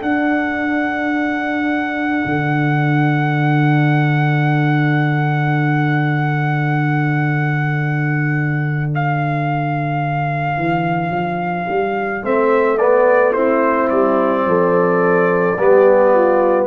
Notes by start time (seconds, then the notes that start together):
0.00 D4 A4 F#5
2.25 D3
8.94 F5
10.57 E3
11.10 F3
11.69 G3
12.23 A3 C4 E5
12.78 B3 D5
13.33 C4 E4 C5
13.90 G3 D5
14.46 F3 A4
15.58 G3 B3 G4
16.14 F4